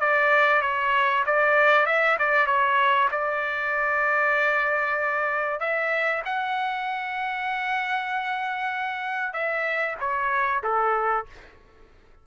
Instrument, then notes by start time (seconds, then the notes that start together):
trumpet
0.00 D5
0.62 C#5
1.26 D5
1.86 E5
2.19 D5
2.46 C#5
3.11 D5
5.60 E5
6.25 F#5
9.33 E5
10.00 C#5
10.63 A4